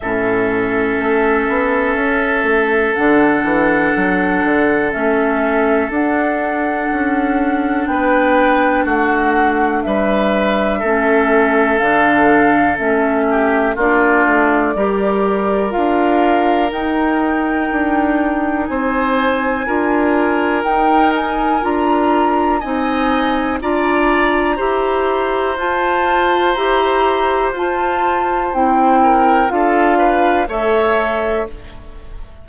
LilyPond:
<<
  \new Staff \with { instrumentName = "flute" } { \time 4/4 \tempo 4 = 61 e''2. fis''4~ | fis''4 e''4 fis''2 | g''4 fis''4 e''2 | f''4 e''4 d''2 |
f''4 g''2 gis''4~ | gis''4 g''8 gis''8 ais''4 gis''4 | ais''2 a''4 ais''4 | a''4 g''4 f''4 e''4 | }
  \new Staff \with { instrumentName = "oboe" } { \time 4/4 a'1~ | a'1 | b'4 fis'4 b'4 a'4~ | a'4. g'8 f'4 ais'4~ |
ais'2. c''4 | ais'2. dis''4 | d''4 c''2.~ | c''4. ais'8 a'8 b'8 cis''4 | }
  \new Staff \with { instrumentName = "clarinet" } { \time 4/4 cis'2. d'4~ | d'4 cis'4 d'2~ | d'2. cis'4 | d'4 cis'4 d'4 g'4 |
f'4 dis'2. | f'4 dis'4 f'4 dis'4 | f'4 g'4 f'4 g'4 | f'4 e'4 f'4 a'4 | }
  \new Staff \with { instrumentName = "bassoon" } { \time 4/4 a,4 a8 b8 cis'8 a8 d8 e8 | fis8 d8 a4 d'4 cis'4 | b4 a4 g4 a4 | d4 a4 ais8 a8 g4 |
d'4 dis'4 d'4 c'4 | d'4 dis'4 d'4 c'4 | d'4 e'4 f'4 e'4 | f'4 c'4 d'4 a4 | }
>>